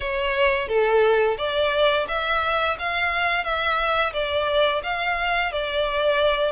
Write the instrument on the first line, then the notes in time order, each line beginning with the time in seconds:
violin
0.00 C#5
0.68 A4
1.37 D5
2.08 E5
2.78 F5
3.44 E5
4.13 D5
4.83 F5
5.51 D5